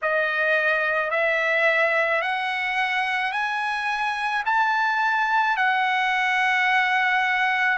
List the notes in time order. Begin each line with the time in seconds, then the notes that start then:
0.02 D#5
1.10 E5
2.21 F#5
3.32 G#5
4.45 A5
5.56 F#5